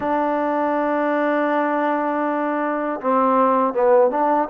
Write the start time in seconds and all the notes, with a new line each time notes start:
0.00 D4
3.00 C4
3.73 B3
4.10 D4